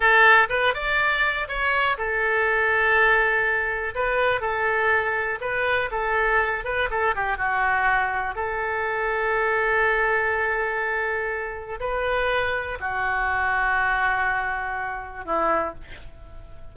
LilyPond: \new Staff \with { instrumentName = "oboe" } { \time 4/4 \tempo 4 = 122 a'4 b'8 d''4. cis''4 | a'1 | b'4 a'2 b'4 | a'4. b'8 a'8 g'8 fis'4~ |
fis'4 a'2.~ | a'1 | b'2 fis'2~ | fis'2. e'4 | }